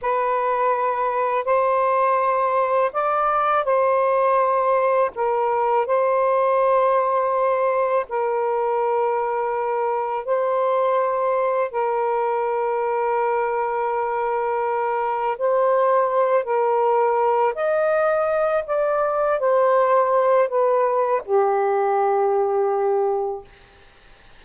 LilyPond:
\new Staff \with { instrumentName = "saxophone" } { \time 4/4 \tempo 4 = 82 b'2 c''2 | d''4 c''2 ais'4 | c''2. ais'4~ | ais'2 c''2 |
ais'1~ | ais'4 c''4. ais'4. | dis''4. d''4 c''4. | b'4 g'2. | }